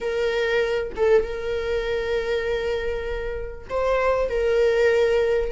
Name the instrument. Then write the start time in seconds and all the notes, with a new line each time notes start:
viola
0.00 A#4
0.96 A4
1.23 A#4
3.69 C5
4.29 A#4